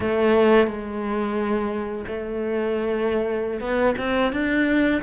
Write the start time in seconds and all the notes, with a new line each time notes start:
0.00 A3
0.67 G#3
2.07 A3
3.60 B3
3.98 C4
4.32 D4